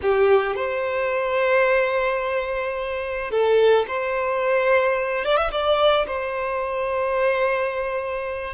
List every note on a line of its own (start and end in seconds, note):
0.02 0.55 G4
0.55 3.30 C5
3.30 3.85 A4
3.87 5.24 C5
5.24 5.36 D5
5.36 5.50 E5
5.51 6.06 D5
6.07 8.53 C5